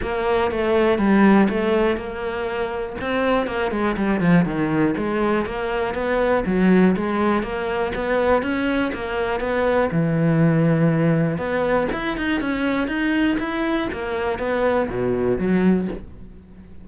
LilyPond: \new Staff \with { instrumentName = "cello" } { \time 4/4 \tempo 4 = 121 ais4 a4 g4 a4 | ais2 c'4 ais8 gis8 | g8 f8 dis4 gis4 ais4 | b4 fis4 gis4 ais4 |
b4 cis'4 ais4 b4 | e2. b4 | e'8 dis'8 cis'4 dis'4 e'4 | ais4 b4 b,4 fis4 | }